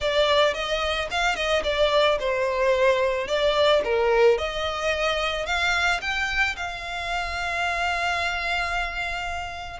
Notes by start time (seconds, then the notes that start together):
0.00 D5
0.53 D#5
1.11 F5
1.35 D#5
1.63 D5
2.19 C5
3.27 D5
3.84 A#4
4.38 D#5
5.45 F5
6.01 G5
6.56 F5